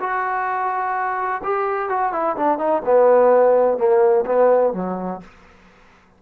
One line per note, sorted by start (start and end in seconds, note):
0.00 1.42 F#4
1.44 1.89 G4
1.89 2.13 F#4
2.13 2.36 E4
2.37 2.58 D4
2.58 2.82 D#4
2.85 3.78 B3
3.78 4.25 A#3
4.26 4.73 B3
4.74 5.21 F#3